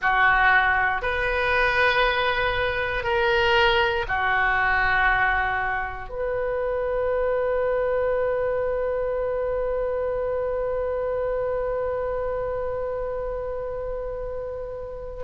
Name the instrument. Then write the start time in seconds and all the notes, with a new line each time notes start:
oboe
0.01 F#4
1.02 B4
3.03 A#4
4.08 F#4
6.09 B4